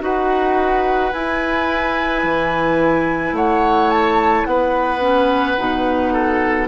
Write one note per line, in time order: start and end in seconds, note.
0.00 1.12 D#4
0.00 1.11 F#4
0.00 3.36 B4
0.00 1.12 F#5
1.12 2.24 E4
1.12 5.00 E4
1.12 3.35 G#5
2.24 3.32 E3
3.32 4.44 A3
3.32 4.47 C#5
3.32 3.90 F#5
3.90 4.45 A5
4.45 5.57 B3
4.45 6.13 B4
4.45 6.67 F#5
5.00 5.56 C#4
5.57 6.68 B2
5.57 6.68 D#4
6.13 6.68 A4